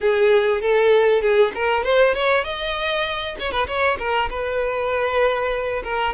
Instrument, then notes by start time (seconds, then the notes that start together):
violin
0.01 G#4
0.61 A4
1.21 G#4
1.54 A#4
1.83 C5
2.14 C#5
2.44 D#5
3.39 C#5
3.51 B4
3.67 C#5
3.98 A#4
4.29 B4
5.83 A#4